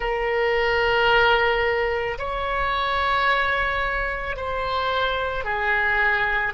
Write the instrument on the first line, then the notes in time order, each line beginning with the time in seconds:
oboe
0.00 A#4
2.18 C#5
4.36 C5
5.44 G#4